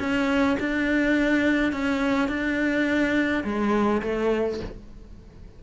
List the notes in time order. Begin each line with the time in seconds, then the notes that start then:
0.00 C#4
0.60 D4
1.73 C#4
2.29 D4
3.44 G#3
4.03 A3